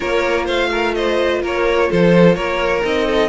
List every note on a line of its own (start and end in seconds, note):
0.00 0.48 A#3
0.00 2.82 F4
0.00 0.45 A#4
0.00 0.46 C#5
0.45 1.42 A3
0.45 0.69 C5
0.45 0.94 F5
0.71 0.94 A#4
0.94 1.42 C5
0.94 1.41 D#5
1.42 1.90 A#3
1.42 1.89 A#4
1.42 1.91 C#5
1.89 2.35 F3
1.89 2.36 A4
1.89 2.34 C5
2.34 2.83 A#3
2.34 3.07 A#4
2.34 2.81 C#5
2.82 3.29 C4
2.82 3.29 D#4
2.82 3.29 D#5
3.07 3.29 A4